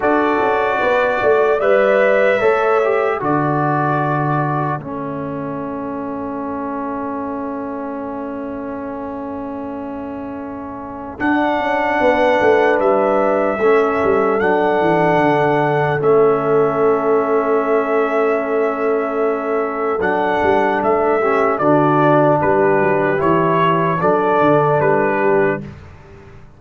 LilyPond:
<<
  \new Staff \with { instrumentName = "trumpet" } { \time 4/4 \tempo 4 = 75 d''2 e''2 | d''2 e''2~ | e''1~ | e''2 fis''2 |
e''2 fis''2 | e''1~ | e''4 fis''4 e''4 d''4 | b'4 cis''4 d''4 b'4 | }
  \new Staff \with { instrumentName = "horn" } { \time 4/4 a'4 b'8 d''4. cis''4 | a'1~ | a'1~ | a'2. b'4~ |
b'4 a'2.~ | a'1~ | a'2~ a'8 g'8 fis'4 | g'2 a'4. g'8 | }
  \new Staff \with { instrumentName = "trombone" } { \time 4/4 fis'2 b'4 a'8 g'8 | fis'2 cis'2~ | cis'1~ | cis'2 d'2~ |
d'4 cis'4 d'2 | cis'1~ | cis'4 d'4. cis'8 d'4~ | d'4 e'4 d'2 | }
  \new Staff \with { instrumentName = "tuba" } { \time 4/4 d'8 cis'8 b8 a8 g4 a4 | d2 a2~ | a1~ | a2 d'8 cis'8 b8 a8 |
g4 a8 g8 fis8 e8 d4 | a1~ | a4 fis8 g8 a4 d4 | g8 fis8 e4 fis8 d8 g4 | }
>>